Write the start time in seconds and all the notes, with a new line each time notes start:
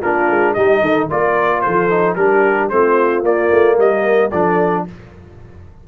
0.00 A#3 D4 F4 A#4
0.29 G#3
0.53 G3 D#4 G4 D#5
0.80 D#3 A4
1.09 A#3 F4 A#4 D5
1.61 F3 A4 C5
1.90 D#4
2.15 G3 D4 G4 A#4
2.69 A3 C4 F4 C5
3.22 A#3 D5
3.51 A3
3.75 G3 A#4 D#5
4.31 F3 D4 A4 D5